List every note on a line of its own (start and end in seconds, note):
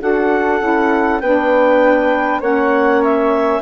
0.00 0.60 D4
0.00 0.59 F#4
0.00 1.21 A4
0.00 1.20 F#5
0.59 1.20 C#4
0.59 1.20 E4
1.20 2.40 B3
1.20 2.42 D4
1.20 2.41 B4
1.20 2.40 G5
2.40 3.60 A#3
2.40 3.61 C#4
2.40 3.60 C#5
2.40 3.03 F#5
3.03 3.61 E5